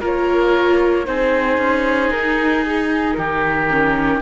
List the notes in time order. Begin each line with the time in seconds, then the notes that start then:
0.00 A#3 F4 A#4 C#5
1.05 C4 D#4 G#4 C5
1.57 C#4
2.10 D#4 A#4
2.66 G#4
3.12 D#3 G4 A#4
3.70 C#4